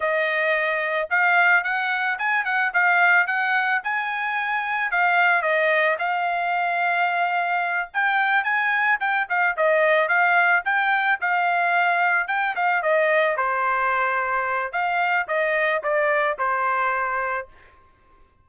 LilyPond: \new Staff \with { instrumentName = "trumpet" } { \time 4/4 \tempo 4 = 110 dis''2 f''4 fis''4 | gis''8 fis''8 f''4 fis''4 gis''4~ | gis''4 f''4 dis''4 f''4~ | f''2~ f''8 g''4 gis''8~ |
gis''8 g''8 f''8 dis''4 f''4 g''8~ | g''8 f''2 g''8 f''8 dis''8~ | dis''8 c''2~ c''8 f''4 | dis''4 d''4 c''2 | }